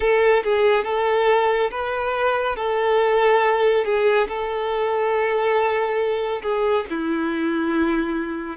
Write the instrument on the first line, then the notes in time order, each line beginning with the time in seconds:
violin
0.00 A4
0.43 G#4
0.84 A4
1.70 B4
2.56 A4
3.85 G#4
4.27 A4
6.42 G#4
6.90 E4